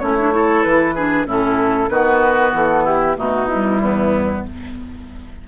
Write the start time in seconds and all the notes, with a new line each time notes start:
0.00 A3 C#4 E4 C#5
0.19 D4
0.32 E4 A4
0.63 E3 B4
0.95 D4 G#4
1.26 A2 C#4 E4 A4
1.90 D#3 B3 F#4 B4
2.54 E3 A4
2.85 E4 G4
3.17 B2 A3 D#4 F#4
3.48 G3 E4
3.82 E2 B3